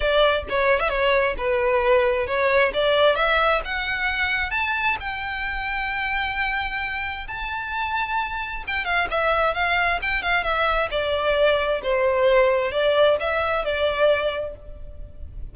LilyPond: \new Staff \with { instrumentName = "violin" } { \time 4/4 \tempo 4 = 132 d''4 cis''8. e''16 cis''4 b'4~ | b'4 cis''4 d''4 e''4 | fis''2 a''4 g''4~ | g''1 |
a''2. g''8 f''8 | e''4 f''4 g''8 f''8 e''4 | d''2 c''2 | d''4 e''4 d''2 | }